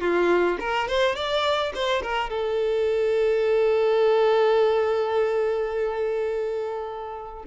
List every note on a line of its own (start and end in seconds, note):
0.00 0.57 F4
0.59 0.88 A#4
0.88 1.15 C5
1.15 1.72 D5
1.74 2.02 C5
2.02 2.29 A#4
2.29 7.44 A4